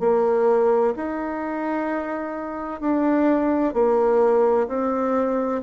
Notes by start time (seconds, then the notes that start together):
0.00 A#3
0.96 D#4
2.81 D4
3.74 A#3
4.68 C4